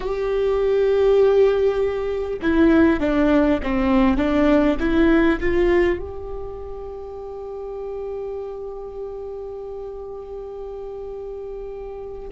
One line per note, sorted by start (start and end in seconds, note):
0.00 2.39 G4
2.42 3.00 E4
3.00 3.60 D4
3.62 4.17 C4
4.17 4.77 D4
4.79 5.39 E4
5.39 5.98 F4
5.98 12.28 G4